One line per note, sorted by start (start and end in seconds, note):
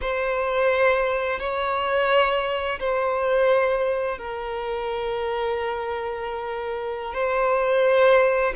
0.01 1.40 C5
1.40 2.79 C#5
2.79 4.17 C5
4.17 7.14 A#4
7.14 8.53 C5